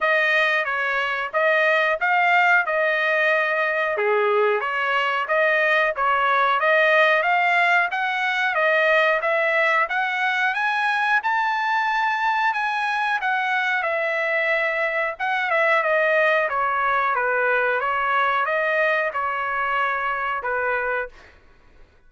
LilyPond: \new Staff \with { instrumentName = "trumpet" } { \time 4/4 \tempo 4 = 91 dis''4 cis''4 dis''4 f''4 | dis''2 gis'4 cis''4 | dis''4 cis''4 dis''4 f''4 | fis''4 dis''4 e''4 fis''4 |
gis''4 a''2 gis''4 | fis''4 e''2 fis''8 e''8 | dis''4 cis''4 b'4 cis''4 | dis''4 cis''2 b'4 | }